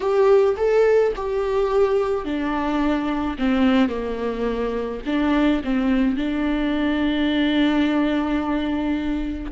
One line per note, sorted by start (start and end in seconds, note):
0.00 0.55 G4
0.56 1.12 A4
1.16 2.24 G4
2.24 3.36 D4
3.38 3.88 C4
3.88 5.01 A#3
5.05 5.62 D4
5.64 6.16 C4
6.16 9.51 D4